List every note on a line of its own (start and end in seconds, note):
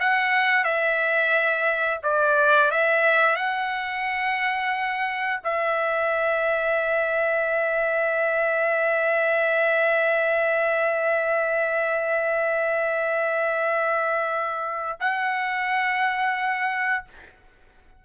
0.00 0.64 F#5
0.64 2.01 E5
2.03 2.71 D5
2.71 3.36 E5
3.36 5.40 F#5
5.44 14.99 E5
15.00 17.05 F#5